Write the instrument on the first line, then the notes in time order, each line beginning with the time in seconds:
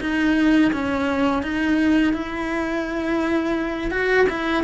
cello
0.00 D#4
0.72 C#4
1.43 D#4
2.13 E4
3.91 F#4
4.29 E4